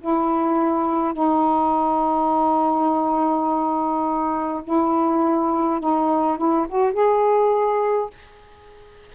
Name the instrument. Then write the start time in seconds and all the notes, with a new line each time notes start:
saxophone
0.00 E4
1.13 D#4
4.63 E4
5.79 D#4
6.37 E4
6.68 F#4
6.93 G#4